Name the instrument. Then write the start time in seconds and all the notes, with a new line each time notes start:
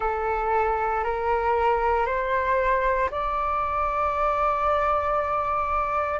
flute
0.00 A4
1.03 A#4
2.05 C5
3.10 D5